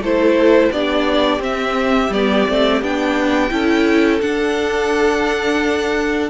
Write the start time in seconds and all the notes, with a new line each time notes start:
0.00 A3 E4 A4 C5
0.71 B3 D4 G4 D5
1.39 C4 E5
2.09 G3 B3 D5
2.47 A3 C4
2.81 B3 D4 G5
3.50 C#4 E4 A4
4.20 D4 F#5